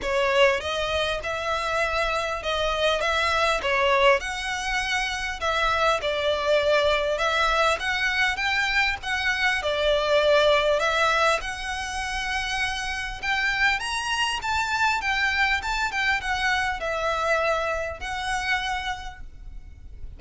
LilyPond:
\new Staff \with { instrumentName = "violin" } { \time 4/4 \tempo 4 = 100 cis''4 dis''4 e''2 | dis''4 e''4 cis''4 fis''4~ | fis''4 e''4 d''2 | e''4 fis''4 g''4 fis''4 |
d''2 e''4 fis''4~ | fis''2 g''4 ais''4 | a''4 g''4 a''8 g''8 fis''4 | e''2 fis''2 | }